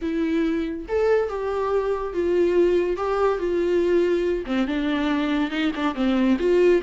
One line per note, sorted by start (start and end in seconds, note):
0.01 0.86 E4
0.88 1.28 A4
1.28 2.13 G4
2.13 2.97 F4
2.97 3.38 G4
3.38 4.44 F4
4.46 4.67 C4
4.67 5.50 D4
5.50 5.71 D#4
5.75 5.94 D4
5.94 6.37 C4
6.39 6.81 F4